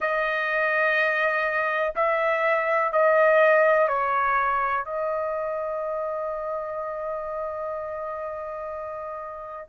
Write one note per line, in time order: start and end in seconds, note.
0.00 1.94 D#5
1.95 2.92 E5
2.92 3.88 D#5
3.88 4.84 C#5
4.84 9.68 D#5